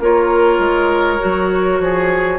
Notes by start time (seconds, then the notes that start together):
0.00 A#3 F4 A#4 C#5
0.59 G#3
1.19 F#3 F#4
1.80 F3 G#4